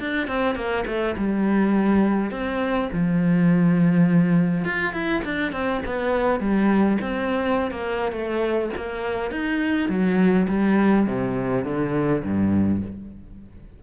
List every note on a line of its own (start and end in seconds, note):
0.00 0.28 D4
0.28 0.56 C4
0.56 0.85 A#3
0.87 1.16 A3
1.17 2.31 G3
2.31 2.89 C4
2.93 4.65 F3
4.65 4.93 F4
4.93 5.22 E4
5.25 5.52 D4
5.52 5.81 C4
5.86 6.40 B3
6.40 6.98 G3
7.01 7.71 C4
7.71 8.12 A#3
8.12 8.70 A3
8.77 9.31 A#3
9.31 9.89 D#4
9.89 10.47 F#3
10.48 11.07 G3
11.07 11.65 C3
11.65 12.23 D3
12.24 12.82 G2